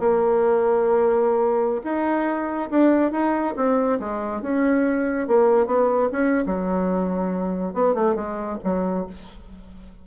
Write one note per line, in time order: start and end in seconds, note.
0.00 1.82 A#3
1.84 2.70 D#4
2.71 3.12 D4
3.12 3.55 D#4
3.57 4.00 C4
4.00 4.42 G#3
4.42 5.28 C#4
5.28 5.67 A#3
5.67 6.10 B3
6.12 6.45 C#4
6.46 7.74 F#3
7.74 7.95 B3
7.95 8.15 A3
8.15 8.58 G#3
8.64 9.07 F#3